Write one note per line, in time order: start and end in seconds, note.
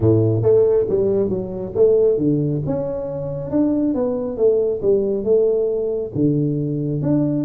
0.00 0.42 A2
0.42 0.86 A3
0.89 1.29 G3
1.29 1.72 F#3
1.75 2.17 A3
2.17 2.61 D3
2.66 3.50 C#4
3.50 3.94 D4
3.94 4.37 B3
4.37 4.81 A3
4.82 5.24 G3
5.24 6.11 A3
6.14 7.02 D3
7.02 7.45 D4